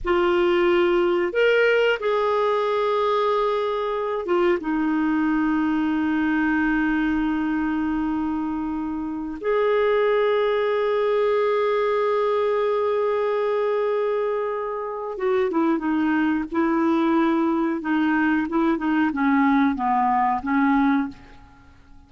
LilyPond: \new Staff \with { instrumentName = "clarinet" } { \time 4/4 \tempo 4 = 91 f'2 ais'4 gis'4~ | gis'2~ gis'8 f'8 dis'4~ | dis'1~ | dis'2~ dis'16 gis'4.~ gis'16~ |
gis'1~ | gis'2. fis'8 e'8 | dis'4 e'2 dis'4 | e'8 dis'8 cis'4 b4 cis'4 | }